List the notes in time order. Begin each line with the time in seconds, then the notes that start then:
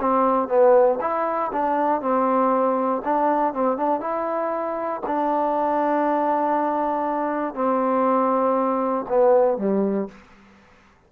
0.00 C4
0.49 B3
1.01 E4
1.52 D4
2.01 C4
3.05 D4
3.54 C4
3.77 D4
4.00 E4
5.06 D4
7.54 C4
9.09 B3
9.58 G3